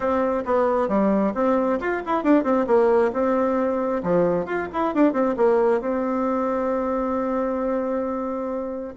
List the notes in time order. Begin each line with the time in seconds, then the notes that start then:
0.00 C4
0.45 B3
0.88 G3
1.34 C4
1.80 F4
2.06 E4
2.23 D4
2.43 C4
2.66 A#3
3.12 C4
4.03 F3
4.45 F4
4.72 E4
4.94 D4
5.12 C4
5.36 A#3
5.80 C4